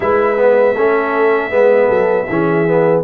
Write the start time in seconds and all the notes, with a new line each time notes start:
0.00 G#3 E4 B4 E5
0.37 B3
0.75 A3 C#4 A4
1.50 G#3 B3 B4
1.86 F#3 A4
2.29 E3 C#4 G#4
2.67 B3